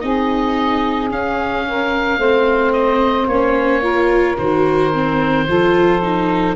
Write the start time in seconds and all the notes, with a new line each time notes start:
0.00 C4 D#4 G#4 D#5
1.09 C#4 F5
1.67 A#4
2.17 A3 C4 C5
2.72 D#5
3.27 A#3 C#4 C#5
3.81 F4 A#4
4.37 D#3 F#4 C5
4.92 C4
5.47 F3 F4 A4
6.01 D#4